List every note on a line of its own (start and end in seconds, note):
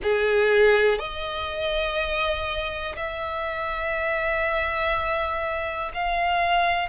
0.03 0.98 G#4
0.98 2.95 D#5
2.96 5.91 E5
5.93 6.89 F5